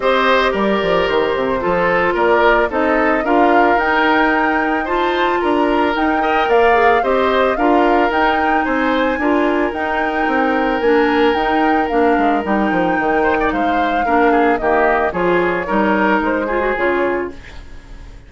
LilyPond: <<
  \new Staff \with { instrumentName = "flute" } { \time 4/4 \tempo 4 = 111 dis''4 d''4 c''2 | d''4 dis''4 f''4 g''4~ | g''4 a''4 ais''4 g''4 | f''4 dis''4 f''4 g''4 |
gis''2 g''2 | gis''4 g''4 f''4 g''4~ | g''4 f''2 dis''4 | cis''2 c''4 cis''4 | }
  \new Staff \with { instrumentName = "oboe" } { \time 4/4 c''4 ais'2 a'4 | ais'4 a'4 ais'2~ | ais'4 c''4 ais'4. dis''8 | d''4 c''4 ais'2 |
c''4 ais'2.~ | ais'1~ | ais'8 c''16 d''16 c''4 ais'8 gis'8 g'4 | gis'4 ais'4. gis'4. | }
  \new Staff \with { instrumentName = "clarinet" } { \time 4/4 g'2. f'4~ | f'4 dis'4 f'4 dis'4~ | dis'4 f'2 dis'8 ais'8~ | ais'8 gis'8 g'4 f'4 dis'4~ |
dis'4 f'4 dis'2 | d'4 dis'4 d'4 dis'4~ | dis'2 d'4 ais4 | f'4 dis'4. f'16 fis'16 f'4 | }
  \new Staff \with { instrumentName = "bassoon" } { \time 4/4 c'4 g8 f8 dis8 c8 f4 | ais4 c'4 d'4 dis'4~ | dis'2 d'4 dis'4 | ais4 c'4 d'4 dis'4 |
c'4 d'4 dis'4 c'4 | ais4 dis'4 ais8 gis8 g8 f8 | dis4 gis4 ais4 dis4 | f4 g4 gis4 cis4 | }
>>